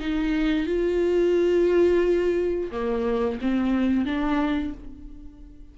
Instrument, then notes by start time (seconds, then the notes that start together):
viola
0.00 D#4
0.67 F4
2.71 A#3
3.42 C4
4.06 D4